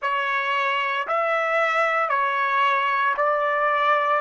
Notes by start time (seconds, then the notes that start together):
0.01 C#5
1.07 E5
2.09 C#5
3.16 D5